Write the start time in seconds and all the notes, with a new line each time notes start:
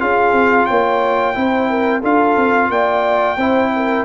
0.00 C#4 F4 G#4 F5
0.32 C4
0.66 A#3 C#5 G5
1.35 C4 E4 C5
1.70 A#4
2.01 D4 F4 A4 F5
2.37 C4
2.70 A#3 D5 G5
3.37 C4 E4 C5
3.76 A#4